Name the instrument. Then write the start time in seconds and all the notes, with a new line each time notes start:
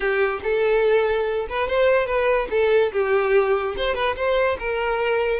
violin
0.00 G4
0.43 A4
1.49 B4
1.68 C5
2.06 B4
2.50 A4
2.92 G4
3.76 C5
3.95 B4
4.16 C5
4.59 A#4